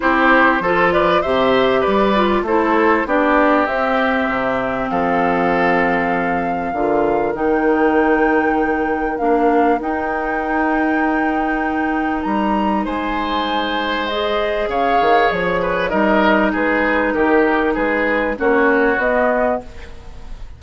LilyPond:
<<
  \new Staff \with { instrumentName = "flute" } { \time 4/4 \tempo 4 = 98 c''4. d''8 e''4 d''4 | c''4 d''4 e''2 | f''1 | g''2. f''4 |
g''1 | ais''4 gis''2 dis''4 | f''4 cis''4 dis''4 b'4 | ais'4 b'4 cis''4 dis''4 | }
  \new Staff \with { instrumentName = "oboe" } { \time 4/4 g'4 a'8 b'8 c''4 b'4 | a'4 g'2. | a'2. ais'4~ | ais'1~ |
ais'1~ | ais'4 c''2. | cis''4. b'8 ais'4 gis'4 | g'4 gis'4 fis'2 | }
  \new Staff \with { instrumentName = "clarinet" } { \time 4/4 e'4 f'4 g'4. f'8 | e'4 d'4 c'2~ | c'2. f'4 | dis'2. d'4 |
dis'1~ | dis'2. gis'4~ | gis'2 dis'2~ | dis'2 cis'4 b4 | }
  \new Staff \with { instrumentName = "bassoon" } { \time 4/4 c'4 f4 c4 g4 | a4 b4 c'4 c4 | f2. d4 | dis2. ais4 |
dis'1 | g4 gis2. | cis8 dis8 f4 g4 gis4 | dis4 gis4 ais4 b4 | }
>>